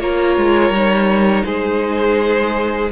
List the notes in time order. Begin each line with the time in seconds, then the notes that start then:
0.00 A#3 F4 A#4 C#5
0.37 G#3
0.70 G3 D#4
1.45 G#3 G#4 C5